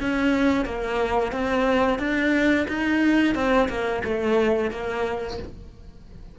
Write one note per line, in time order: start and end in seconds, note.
0.00 0.65 C#4
0.65 1.32 A#3
1.32 1.99 C4
1.99 2.66 D4
2.68 3.34 D#4
3.34 3.68 C4
3.69 4.02 A#3
4.04 4.71 A3
4.71 5.38 A#3